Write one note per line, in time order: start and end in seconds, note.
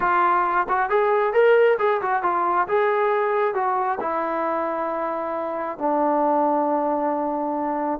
0.00 0.67 F4
0.68 0.89 F#4
0.89 1.33 G#4
1.33 1.77 A#4
1.79 2.01 G#4
2.01 2.23 F#4
2.23 2.67 F4
2.67 3.54 G#4
3.54 3.99 F#4
4.00 5.78 E4
5.78 7.99 D4